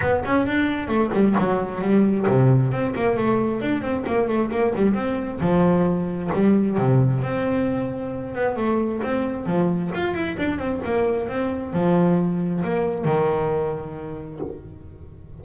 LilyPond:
\new Staff \with { instrumentName = "double bass" } { \time 4/4 \tempo 4 = 133 b8 cis'8 d'4 a8 g8 fis4 | g4 c4 c'8 ais8 a4 | d'8 c'8 ais8 a8 ais8 g8 c'4 | f2 g4 c4 |
c'2~ c'8 b8 a4 | c'4 f4 f'8 e'8 d'8 c'8 | ais4 c'4 f2 | ais4 dis2. | }